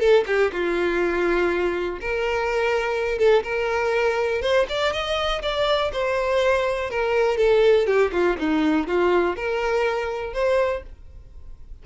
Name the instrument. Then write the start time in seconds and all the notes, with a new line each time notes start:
violin
0.00 A4
0.27 G4
0.53 F4
2.01 A#4
3.19 A4
3.44 A#4
4.42 C5
4.69 D5
4.93 D#5
5.43 D5
5.93 C5
6.91 A#4
7.38 A4
7.87 G4
8.13 F4
8.39 D#4
8.88 F4
9.37 A#4
10.34 C5